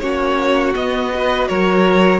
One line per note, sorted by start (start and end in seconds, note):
0.00 0.75 A#3
0.00 0.74 C#4
0.00 1.13 F#4
0.00 0.73 C#5
0.75 1.11 B3
0.75 1.49 B3
0.75 1.48 D#5
1.14 2.20 F#4
1.14 1.49 B4
1.48 2.20 F#3
1.48 2.20 A#4
1.48 2.20 C#5